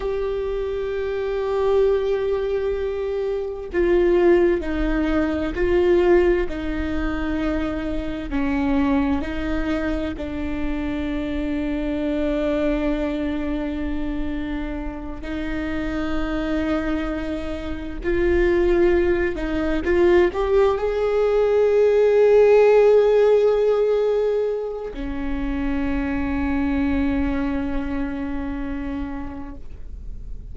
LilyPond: \new Staff \with { instrumentName = "viola" } { \time 4/4 \tempo 4 = 65 g'1 | f'4 dis'4 f'4 dis'4~ | dis'4 cis'4 dis'4 d'4~ | d'1~ |
d'8 dis'2. f'8~ | f'4 dis'8 f'8 g'8 gis'4.~ | gis'2. cis'4~ | cis'1 | }